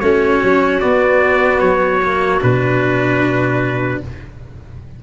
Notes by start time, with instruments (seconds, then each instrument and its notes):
0.00 tuba A3, cello C#4, clarinet F#4, trumpet C#5
0.44 tuba F#3
0.81 cello B3, tuba B3, trumpet D5
1.60 tuba F#3, trumpet C#5
2.03 cello A#3
2.41 tuba B2, cello D4, trumpet B4